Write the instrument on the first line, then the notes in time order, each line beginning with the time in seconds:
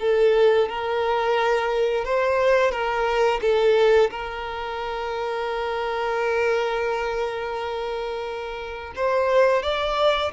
violin
0.00 A4
0.69 A#4
2.05 C5
2.72 A#4
3.42 A4
4.11 A#4
8.96 C5
9.63 D5